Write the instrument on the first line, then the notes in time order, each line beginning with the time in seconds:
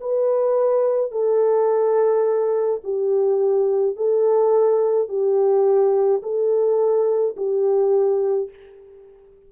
horn
0.00 B4
1.11 A4
2.83 G4
3.95 A4
5.08 G4
6.22 A4
7.36 G4